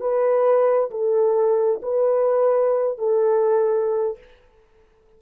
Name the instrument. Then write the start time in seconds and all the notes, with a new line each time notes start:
horn
0.00 B4
0.91 A4
1.82 B4
2.98 A4